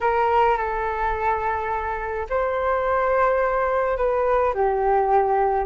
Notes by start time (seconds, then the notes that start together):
0.01 A#4
0.57 A4
2.29 C5
3.97 B4
4.54 G4